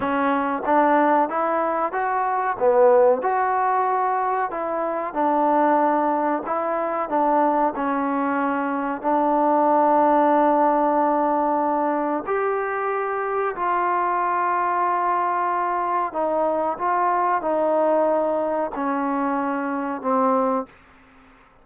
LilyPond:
\new Staff \with { instrumentName = "trombone" } { \time 4/4 \tempo 4 = 93 cis'4 d'4 e'4 fis'4 | b4 fis'2 e'4 | d'2 e'4 d'4 | cis'2 d'2~ |
d'2. g'4~ | g'4 f'2.~ | f'4 dis'4 f'4 dis'4~ | dis'4 cis'2 c'4 | }